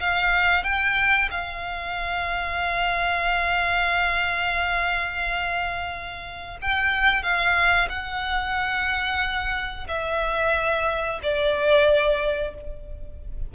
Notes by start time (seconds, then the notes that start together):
0.00 F5
0.64 G5
1.31 F5
6.62 G5
7.23 F5
7.89 F#5
9.88 E5
11.23 D5